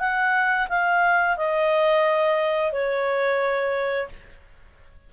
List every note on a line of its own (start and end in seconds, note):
0.00 0.68 F#5
0.69 1.37 F5
1.37 2.72 D#5
2.72 4.09 C#5